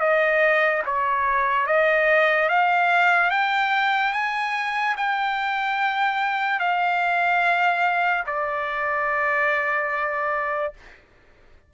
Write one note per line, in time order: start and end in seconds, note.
0.00 0.82 D#5
0.86 1.67 C#5
1.67 2.49 D#5
2.49 3.31 F5
3.31 4.13 G5
4.13 4.95 G#5
4.97 6.59 G5
6.59 8.24 F5
8.27 10.73 D5